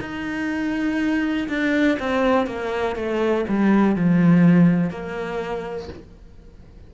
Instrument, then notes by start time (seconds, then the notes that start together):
cello
0.00 D#4
1.48 D4
1.99 C4
2.46 A#3
2.96 A3
3.48 G3
3.95 F3
4.90 A#3